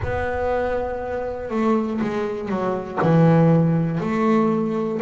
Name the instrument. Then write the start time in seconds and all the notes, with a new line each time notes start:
double bass
0.03 B3
1.50 A3
2.00 G#3
2.48 F#3
3.02 E3
4.00 A3